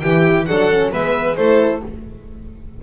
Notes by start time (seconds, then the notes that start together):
0.00 E3 E4 G4 G5
0.46 F#3 D4 A4 F#5
0.70 C#4
0.92 G#3 B3 B4 E5
1.36 A3 E4 A4 C5